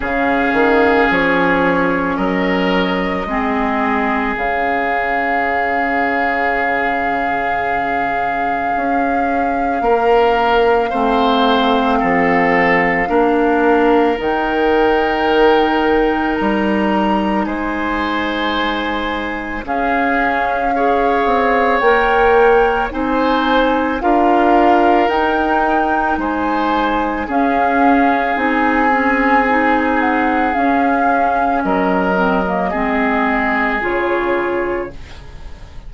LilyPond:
<<
  \new Staff \with { instrumentName = "flute" } { \time 4/4 \tempo 4 = 55 f''4 cis''4 dis''2 | f''1~ | f''1~ | f''4 g''2 ais''4 |
gis''2 f''2 | g''4 gis''4 f''4 g''4 | gis''4 f''4 gis''4. fis''8 | f''4 dis''2 cis''4 | }
  \new Staff \with { instrumentName = "oboe" } { \time 4/4 gis'2 ais'4 gis'4~ | gis'1~ | gis'4 ais'4 c''4 a'4 | ais'1 |
c''2 gis'4 cis''4~ | cis''4 c''4 ais'2 | c''4 gis'2.~ | gis'4 ais'4 gis'2 | }
  \new Staff \with { instrumentName = "clarinet" } { \time 4/4 cis'2. c'4 | cis'1~ | cis'2 c'2 | d'4 dis'2.~ |
dis'2 cis'4 gis'4 | ais'4 dis'4 f'4 dis'4~ | dis'4 cis'4 dis'8 cis'8 dis'4 | cis'4. c'16 ais16 c'4 f'4 | }
  \new Staff \with { instrumentName = "bassoon" } { \time 4/4 cis8 dis8 f4 fis4 gis4 | cis1 | cis'4 ais4 a4 f4 | ais4 dis2 g4 |
gis2 cis'4. c'8 | ais4 c'4 d'4 dis'4 | gis4 cis'4 c'2 | cis'4 fis4 gis4 cis4 | }
>>